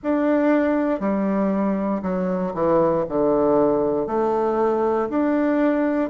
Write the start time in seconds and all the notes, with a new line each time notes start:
0.03 D4
1.00 G3
2.02 F#3
2.54 E3
3.08 D3
4.07 A3
5.09 D4